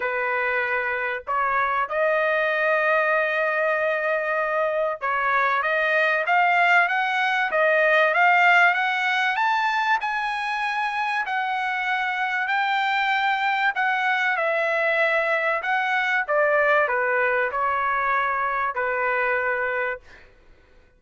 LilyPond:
\new Staff \with { instrumentName = "trumpet" } { \time 4/4 \tempo 4 = 96 b'2 cis''4 dis''4~ | dis''1 | cis''4 dis''4 f''4 fis''4 | dis''4 f''4 fis''4 a''4 |
gis''2 fis''2 | g''2 fis''4 e''4~ | e''4 fis''4 d''4 b'4 | cis''2 b'2 | }